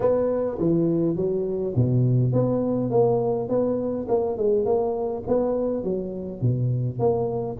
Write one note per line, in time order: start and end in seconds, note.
0.00 0.57 B3
0.59 1.15 E3
1.15 1.74 F#3
1.75 2.32 B2
2.32 2.90 B3
2.90 3.48 A#3
3.48 4.07 B3
4.08 4.37 A#3
4.37 4.65 G#3
4.65 5.23 A#3
5.27 5.83 B3
5.83 6.41 F#3
6.41 6.99 B2
6.99 7.57 A#3